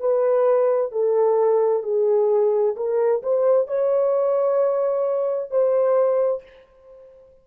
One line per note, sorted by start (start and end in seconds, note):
0.00 0.92 B4
0.92 1.84 A4
1.84 2.76 G#4
2.77 3.23 A#4
3.23 3.68 C5
3.68 5.51 C#5
5.51 6.43 C5